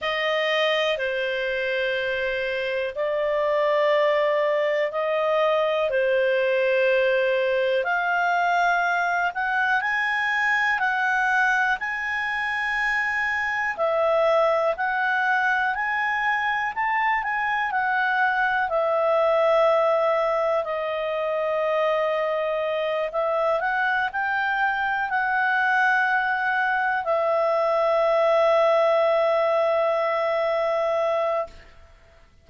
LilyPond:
\new Staff \with { instrumentName = "clarinet" } { \time 4/4 \tempo 4 = 61 dis''4 c''2 d''4~ | d''4 dis''4 c''2 | f''4. fis''8 gis''4 fis''4 | gis''2 e''4 fis''4 |
gis''4 a''8 gis''8 fis''4 e''4~ | e''4 dis''2~ dis''8 e''8 | fis''8 g''4 fis''2 e''8~ | e''1 | }